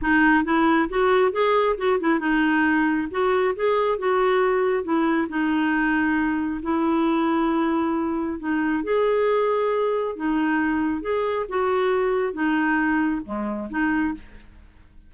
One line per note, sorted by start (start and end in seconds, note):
0.01 0.44 D#4
0.44 0.88 E4
0.89 1.32 F#4
1.32 1.76 G#4
1.77 1.99 F#4
2.00 2.19 E4
2.19 3.08 D#4
3.10 3.54 F#4
3.55 3.98 G#4
3.98 4.83 F#4
4.83 5.27 E4
5.28 6.61 D#4
6.62 8.39 E4
8.39 8.83 D#4
8.83 10.16 G#4
10.16 11.01 D#4
11.01 11.45 G#4
11.48 12.33 F#4
12.33 13.21 D#4
13.25 13.69 G#3
13.70 14.14 D#4